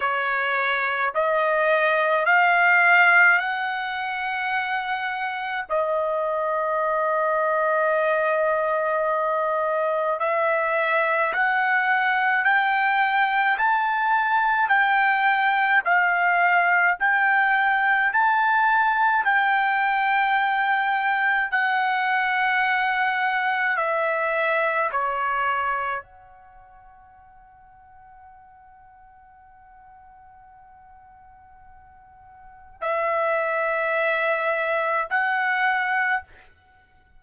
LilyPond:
\new Staff \with { instrumentName = "trumpet" } { \time 4/4 \tempo 4 = 53 cis''4 dis''4 f''4 fis''4~ | fis''4 dis''2.~ | dis''4 e''4 fis''4 g''4 | a''4 g''4 f''4 g''4 |
a''4 g''2 fis''4~ | fis''4 e''4 cis''4 fis''4~ | fis''1~ | fis''4 e''2 fis''4 | }